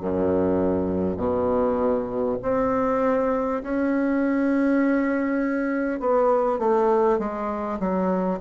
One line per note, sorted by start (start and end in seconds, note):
0.00 1.17 F#2
1.17 2.37 B2
2.43 3.63 C4
3.63 6.01 C#4
6.01 6.59 B3
6.59 7.19 A3
7.19 7.79 G#3
7.80 8.40 F#3